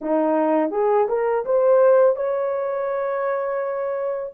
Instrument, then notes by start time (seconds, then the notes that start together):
horn
0.01 D#4
0.70 G#4
1.08 A#4
1.45 C5
2.16 C#5